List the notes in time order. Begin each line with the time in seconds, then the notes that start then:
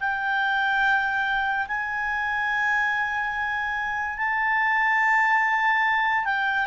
0.00 G5
1.68 G#5
4.17 A5
6.25 G5